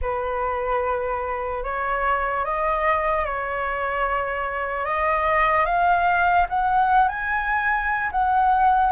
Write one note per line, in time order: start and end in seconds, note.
0.01 1.63 B4
1.63 2.44 C#5
2.45 3.25 D#5
3.25 4.85 C#5
4.85 5.65 D#5
5.65 6.46 F5
6.49 7.08 F#5
7.08 8.09 G#5
8.11 8.92 F#5